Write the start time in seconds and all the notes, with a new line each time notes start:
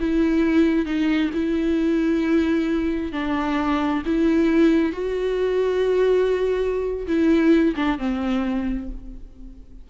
0.00 E4
0.86 D#4
1.34 E4
3.13 D4
4.06 E4
4.93 F#4
7.07 E4
7.76 D4
7.99 C4